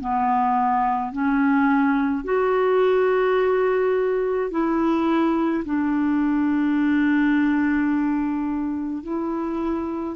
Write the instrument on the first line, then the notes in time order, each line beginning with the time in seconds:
clarinet
0.00 B3
1.12 C#4
2.24 F#4
4.50 E4
5.64 D4
9.03 E4